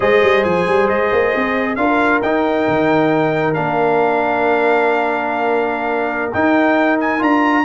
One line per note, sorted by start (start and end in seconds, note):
0.00 0.22 G#3
0.00 1.77 G#4
0.00 1.78 C5
0.00 0.44 D#5
0.22 0.44 G3
0.44 0.67 F3
0.44 0.88 G#5
0.67 0.88 G3
0.88 1.11 G#3
0.88 1.75 D#5
1.11 1.33 A#3
1.35 1.76 C4
1.75 2.21 D4
1.75 2.22 F4
1.75 7.64 A#4
1.75 2.20 F5
2.21 2.66 D#4
2.21 3.54 D#4
2.21 3.54 G5
2.67 3.56 D#3
3.54 6.34 A#3
3.54 6.32 D4
3.54 6.31 F5
6.32 7.22 D#4
6.32 7.18 D#4
6.32 6.99 G5
7.00 7.22 G#5
7.18 7.64 D4
7.18 7.63 F4
7.18 7.64 A#5